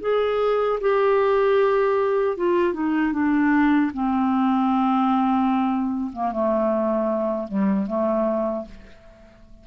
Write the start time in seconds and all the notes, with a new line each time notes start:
0.00 G#4
0.80 G4
2.36 F4
2.73 D#4
3.12 D4
3.93 C4
6.12 A#3
6.32 A3
7.47 G3
7.86 A3